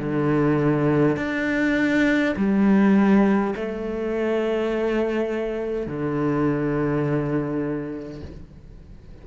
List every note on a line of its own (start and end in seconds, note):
0.00 1.17 D3
1.17 2.35 D4
2.37 3.55 G3
3.56 5.87 A3
5.87 8.22 D3